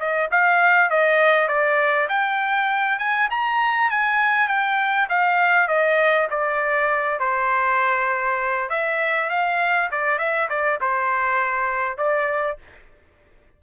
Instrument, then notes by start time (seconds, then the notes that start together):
trumpet
0.00 D#5
0.32 F5
0.90 D#5
1.48 D5
2.09 G5
2.99 G#5
3.31 A#5
3.91 G#5
4.49 G5
5.10 F5
5.69 D#5
6.31 D5
7.20 C5
8.70 E5
9.30 F5
9.92 D5
10.19 E5
10.50 D5
10.81 C5
11.98 D5